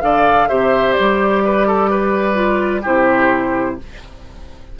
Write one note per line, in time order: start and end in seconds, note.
0.00 0.49 D3
0.00 0.47 A4
0.00 0.49 D5
0.00 0.48 F5
0.48 0.97 C3
0.48 2.34 G4
0.48 1.42 C5
0.48 0.93 E5
0.93 2.80 D5
0.99 2.86 G3
1.44 1.67 B4
1.67 1.90 A4
1.90 2.82 B4
2.34 2.81 F4
2.82 3.79 C3
2.82 3.78 E4
2.82 3.76 G4
2.82 3.79 C5